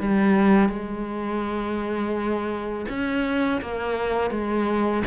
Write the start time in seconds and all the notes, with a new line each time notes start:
0.00 G3
0.69 G#3
2.89 C#4
3.62 A#3
4.31 G#3